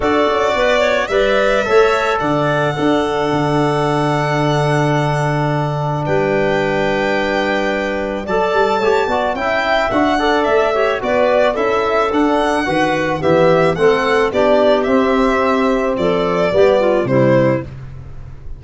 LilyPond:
<<
  \new Staff \with { instrumentName = "violin" } { \time 4/4 \tempo 4 = 109 d''2 e''2 | fis''1~ | fis''2. g''4~ | g''2. a''4~ |
a''4 g''4 fis''4 e''4 | d''4 e''4 fis''2 | e''4 fis''4 d''4 e''4~ | e''4 d''2 c''4 | }
  \new Staff \with { instrumentName = "clarinet" } { \time 4/4 a'4 b'8 cis''8 d''4 cis''4 | d''4 a'2.~ | a'2. b'4~ | b'2. d''4 |
cis''8 d''8 e''4. d''4 cis''8 | b'4 a'2 b'4 | g'4 a'4 g'2~ | g'4 a'4 g'8 f'8 e'4 | }
  \new Staff \with { instrumentName = "trombone" } { \time 4/4 fis'2 b'4 a'4~ | a'4 d'2.~ | d'1~ | d'2. a'4 |
g'8 fis'8 e'4 fis'8 a'4 g'8 | fis'4 e'4 d'4 fis'4 | b4 c'4 d'4 c'4~ | c'2 b4 g4 | }
  \new Staff \with { instrumentName = "tuba" } { \time 4/4 d'8 cis'8 b4 g4 a4 | d4 d'4 d2~ | d2. g4~ | g2. fis8 g8 |
a8 b8 cis'4 d'4 a4 | b4 cis'4 d'4 dis4 | e4 a4 b4 c'4~ | c'4 f4 g4 c4 | }
>>